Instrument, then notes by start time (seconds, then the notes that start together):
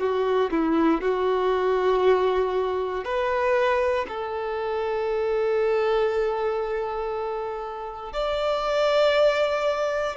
violin
0.00 F#4
0.51 E4
1.02 F#4
3.05 B4
4.09 A4
8.13 D5